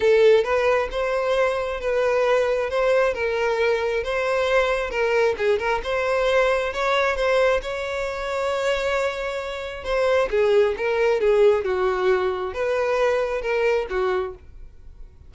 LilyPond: \new Staff \with { instrumentName = "violin" } { \time 4/4 \tempo 4 = 134 a'4 b'4 c''2 | b'2 c''4 ais'4~ | ais'4 c''2 ais'4 | gis'8 ais'8 c''2 cis''4 |
c''4 cis''2.~ | cis''2 c''4 gis'4 | ais'4 gis'4 fis'2 | b'2 ais'4 fis'4 | }